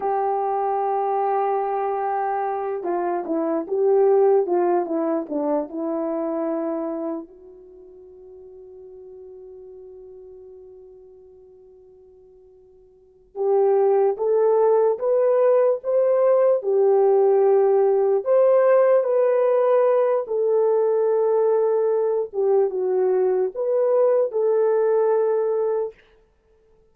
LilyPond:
\new Staff \with { instrumentName = "horn" } { \time 4/4 \tempo 4 = 74 g'2.~ g'8 f'8 | e'8 g'4 f'8 e'8 d'8 e'4~ | e'4 fis'2.~ | fis'1~ |
fis'8 g'4 a'4 b'4 c''8~ | c''8 g'2 c''4 b'8~ | b'4 a'2~ a'8 g'8 | fis'4 b'4 a'2 | }